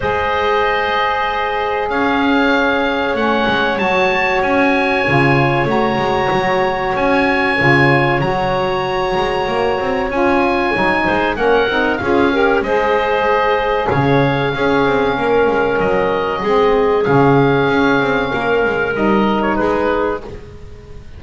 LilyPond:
<<
  \new Staff \with { instrumentName = "oboe" } { \time 4/4 \tempo 4 = 95 dis''2. f''4~ | f''4 fis''4 a''4 gis''4~ | gis''4 ais''2 gis''4~ | gis''4 ais''2. |
gis''2 fis''4 f''4 | dis''2 f''2~ | f''4 dis''2 f''4~ | f''2 dis''8. cis''16 b'4 | }
  \new Staff \with { instrumentName = "clarinet" } { \time 4/4 c''2. cis''4~ | cis''1~ | cis''1~ | cis''1~ |
cis''4. c''8 ais'4 gis'8 ais'8 | c''2 cis''4 gis'4 | ais'2 gis'2~ | gis'4 ais'2 gis'4 | }
  \new Staff \with { instrumentName = "saxophone" } { \time 4/4 gis'1~ | gis'4 cis'4 fis'2 | f'4 fis'2. | f'4 fis'2. |
f'4 dis'4 cis'8 dis'8 f'8 g'8 | gis'2. cis'4~ | cis'2 c'4 cis'4~ | cis'2 dis'2 | }
  \new Staff \with { instrumentName = "double bass" } { \time 4/4 gis2. cis'4~ | cis'4 a8 gis8 fis4 cis'4 | cis4 a8 gis8 fis4 cis'4 | cis4 fis4. gis8 ais8 c'8 |
cis'4 fis8 gis8 ais8 c'8 cis'4 | gis2 cis4 cis'8 c'8 | ais8 gis8 fis4 gis4 cis4 | cis'8 c'8 ais8 gis8 g4 gis4 | }
>>